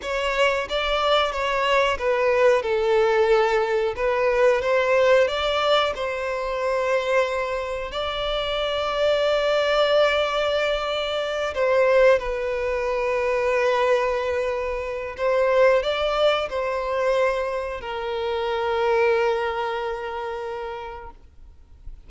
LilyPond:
\new Staff \with { instrumentName = "violin" } { \time 4/4 \tempo 4 = 91 cis''4 d''4 cis''4 b'4 | a'2 b'4 c''4 | d''4 c''2. | d''1~ |
d''4. c''4 b'4.~ | b'2. c''4 | d''4 c''2 ais'4~ | ais'1 | }